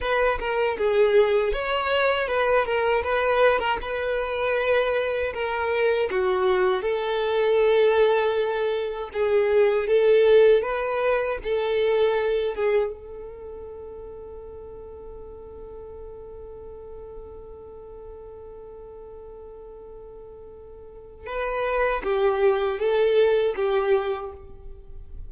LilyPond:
\new Staff \with { instrumentName = "violin" } { \time 4/4 \tempo 4 = 79 b'8 ais'8 gis'4 cis''4 b'8 ais'8 | b'8. ais'16 b'2 ais'4 | fis'4 a'2. | gis'4 a'4 b'4 a'4~ |
a'8 gis'8 a'2.~ | a'1~ | a'1 | b'4 g'4 a'4 g'4 | }